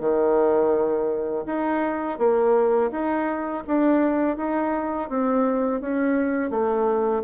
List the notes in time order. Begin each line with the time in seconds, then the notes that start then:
0.00 D#3
1.46 D#4
2.18 A#3
2.91 D#4
3.67 D4
4.37 D#4
5.09 C4
5.81 C#4
6.50 A3